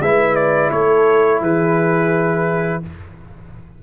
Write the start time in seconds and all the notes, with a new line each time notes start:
0.00 G#3 E4 B4 E5
0.35 D5
0.71 A3 A4 C#5
1.41 E3 G#4 B4